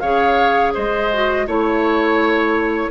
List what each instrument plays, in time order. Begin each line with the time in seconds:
0.00 bassoon C#3, clarinet G#4, oboe C#5, flute F5
0.74 bassoon G#3, oboe C5, flute D#5
1.13 clarinet F#4
1.47 bassoon A3, clarinet E4, oboe C#5, flute C#5